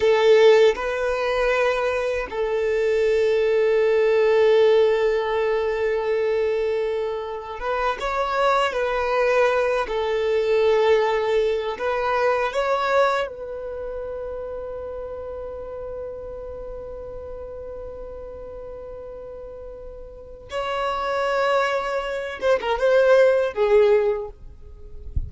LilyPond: \new Staff \with { instrumentName = "violin" } { \time 4/4 \tempo 4 = 79 a'4 b'2 a'4~ | a'1~ | a'2 b'8 cis''4 b'8~ | b'4 a'2~ a'8 b'8~ |
b'8 cis''4 b'2~ b'8~ | b'1~ | b'2. cis''4~ | cis''4. c''16 ais'16 c''4 gis'4 | }